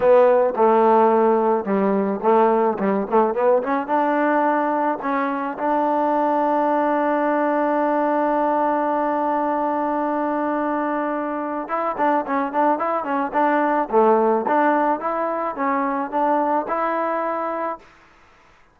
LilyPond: \new Staff \with { instrumentName = "trombone" } { \time 4/4 \tempo 4 = 108 b4 a2 g4 | a4 g8 a8 b8 cis'8 d'4~ | d'4 cis'4 d'2~ | d'1~ |
d'1~ | d'4 e'8 d'8 cis'8 d'8 e'8 cis'8 | d'4 a4 d'4 e'4 | cis'4 d'4 e'2 | }